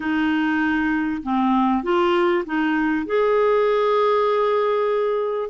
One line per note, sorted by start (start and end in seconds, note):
0.00 1.22 D#4
1.22 1.83 C4
1.83 2.44 F4
2.45 3.06 D#4
3.06 5.50 G#4